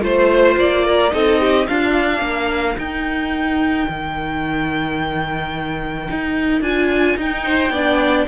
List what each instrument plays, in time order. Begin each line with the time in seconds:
0.00 cello A3, viola F4, violin C5
0.57 cello A#3, violin D5
0.85 violin A#4
1.11 cello C4, viola D#4, violin A4 D#5
1.40 violin G4
1.67 viola D4, cello D4, violin F4 F5
2.21 cello A#3, violin A#4
2.77 cello D#4, viola D#4, violin G5
3.88 cello D#3
6.10 cello D#4
6.61 cello D4, viola F4, violin G#5
7.17 cello D#4, viola D#4, violin G5
7.45 violin C5
7.69 cello B3, viola D4, violin D5